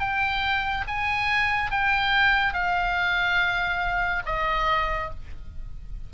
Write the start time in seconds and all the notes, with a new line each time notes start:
0.00 G5
0.88 G#5
1.71 G5
2.54 F5
4.26 D#5